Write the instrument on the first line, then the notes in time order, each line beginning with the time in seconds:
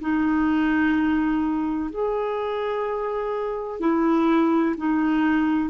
clarinet
0.00 D#4
1.90 G#4
3.80 E4
4.77 D#4